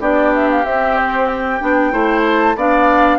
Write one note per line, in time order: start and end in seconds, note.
0.00 0.64 B3
0.00 0.64 D4
0.00 1.92 G4
0.00 0.33 D5
0.33 0.49 E5
0.50 0.65 F5
0.64 1.60 C4
0.64 0.97 E5
0.97 1.26 C5
1.26 2.22 G5
1.60 1.92 B3
1.60 1.91 D4
1.91 2.56 A3
1.91 2.55 E4
1.91 2.56 C5
2.25 2.57 A5
2.56 3.18 B3
2.56 3.18 D4
2.56 3.18 D5
2.56 3.18 F5